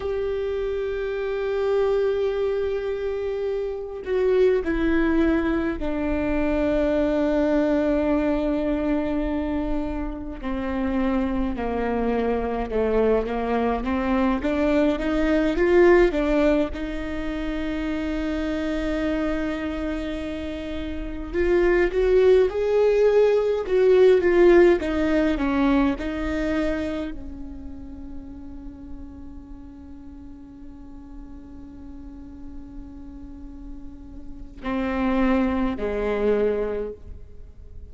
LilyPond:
\new Staff \with { instrumentName = "viola" } { \time 4/4 \tempo 4 = 52 g'2.~ g'8 fis'8 | e'4 d'2.~ | d'4 c'4 ais4 a8 ais8 | c'8 d'8 dis'8 f'8 d'8 dis'4.~ |
dis'2~ dis'8 f'8 fis'8 gis'8~ | gis'8 fis'8 f'8 dis'8 cis'8 dis'4 cis'8~ | cis'1~ | cis'2 c'4 gis4 | }